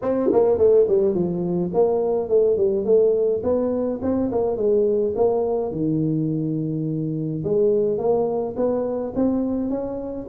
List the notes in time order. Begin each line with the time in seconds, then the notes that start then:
0.02 C4
0.32 A#3
0.57 A3
0.88 G3
1.14 F3
1.73 A#3
2.28 A3
2.56 G3
2.84 A3
3.43 B3
4.02 C4
4.31 A#3
4.56 G#3
5.15 A#3
5.71 D#3
7.44 G#3
7.97 A#3
8.56 B3
9.15 C4
9.69 C#4